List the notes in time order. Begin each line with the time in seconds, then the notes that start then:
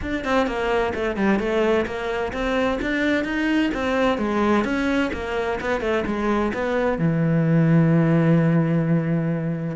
0.01 D4
0.24 C4
0.47 A#3
0.94 A3
1.16 G3
1.39 A3
1.86 A#3
2.32 C4
2.81 D4
3.24 D#4
3.74 C4
4.18 G#3
4.64 C#4
5.13 A#3
5.60 B3
5.81 A3
6.06 G#3
6.53 B3
6.98 E3